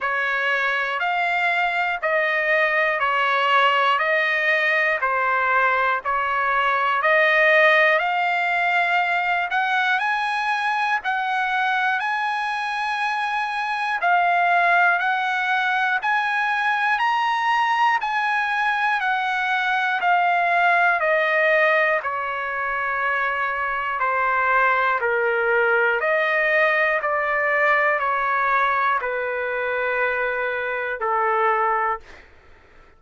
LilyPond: \new Staff \with { instrumentName = "trumpet" } { \time 4/4 \tempo 4 = 60 cis''4 f''4 dis''4 cis''4 | dis''4 c''4 cis''4 dis''4 | f''4. fis''8 gis''4 fis''4 | gis''2 f''4 fis''4 |
gis''4 ais''4 gis''4 fis''4 | f''4 dis''4 cis''2 | c''4 ais'4 dis''4 d''4 | cis''4 b'2 a'4 | }